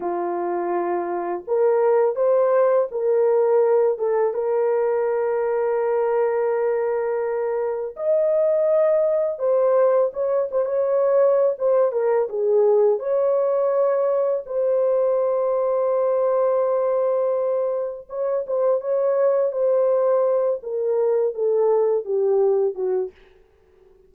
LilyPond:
\new Staff \with { instrumentName = "horn" } { \time 4/4 \tempo 4 = 83 f'2 ais'4 c''4 | ais'4. a'8 ais'2~ | ais'2. dis''4~ | dis''4 c''4 cis''8 c''16 cis''4~ cis''16 |
c''8 ais'8 gis'4 cis''2 | c''1~ | c''4 cis''8 c''8 cis''4 c''4~ | c''8 ais'4 a'4 g'4 fis'8 | }